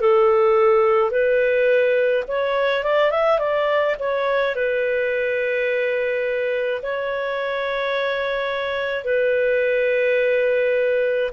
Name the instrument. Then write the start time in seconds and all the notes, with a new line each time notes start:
clarinet
0.00 A4
1.10 B4
2.27 C#5
2.84 D5
3.10 E5
3.39 D5
3.99 C#5
4.55 B4
6.82 C#5
9.04 B4